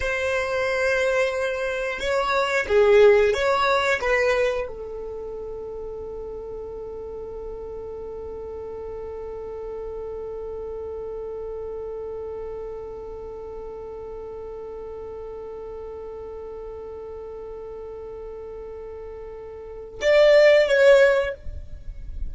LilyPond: \new Staff \with { instrumentName = "violin" } { \time 4/4 \tempo 4 = 90 c''2. cis''4 | gis'4 cis''4 b'4 a'4~ | a'1~ | a'1~ |
a'1~ | a'1~ | a'1~ | a'2 d''4 cis''4 | }